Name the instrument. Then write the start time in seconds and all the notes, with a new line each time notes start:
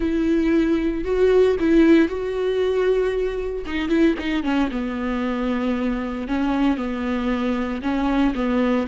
viola
0.00 E4
1.04 F#4
1.59 E4
2.08 F#4
3.66 D#4
3.88 E4
4.19 D#4
4.43 C#4
4.71 B3
6.27 C#4
6.77 B3
7.81 C#4
8.34 B3